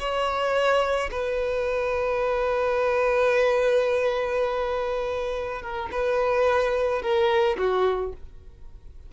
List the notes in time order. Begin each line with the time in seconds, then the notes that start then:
0.00 C#5
1.11 B4
5.62 A#4
5.92 B4
7.02 A#4
7.58 F#4